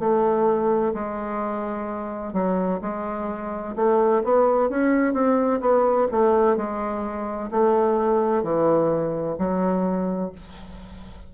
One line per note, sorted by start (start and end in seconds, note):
0.00 0.94 A3
0.94 2.33 G#3
2.33 2.80 F#3
2.82 3.75 G#3
3.76 4.23 A3
4.24 4.70 B3
4.70 5.13 C#4
5.13 5.60 C4
5.61 6.08 B3
6.12 6.57 A3
6.57 7.50 G#3
7.51 8.43 A3
8.43 9.37 E3
9.38 10.32 F#3